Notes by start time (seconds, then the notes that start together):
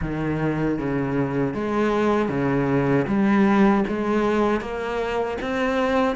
0.01 D#3
0.78 C#3
1.53 G#3
2.29 C#3
3.07 G3
3.87 G#3
4.60 A#3
5.41 C4